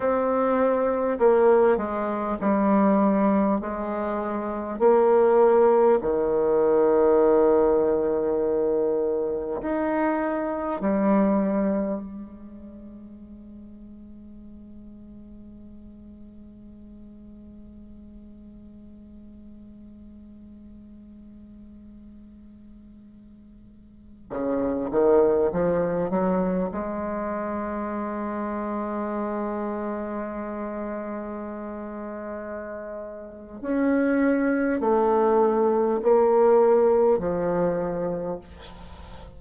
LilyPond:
\new Staff \with { instrumentName = "bassoon" } { \time 4/4 \tempo 4 = 50 c'4 ais8 gis8 g4 gis4 | ais4 dis2. | dis'4 g4 gis2~ | gis1~ |
gis1~ | gis16 cis8 dis8 f8 fis8 gis4.~ gis16~ | gis1 | cis'4 a4 ais4 f4 | }